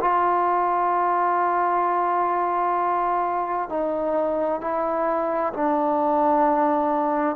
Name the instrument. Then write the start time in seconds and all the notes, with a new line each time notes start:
trombone
0.00 F4
3.69 D#4
4.60 E4
5.53 D4